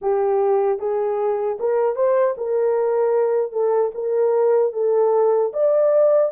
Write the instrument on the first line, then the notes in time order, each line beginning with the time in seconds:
horn
0.01 G4
0.79 G#4
1.59 A#4
1.95 C5
2.37 A#4
3.51 A4
3.94 A#4
4.73 A4
5.53 D5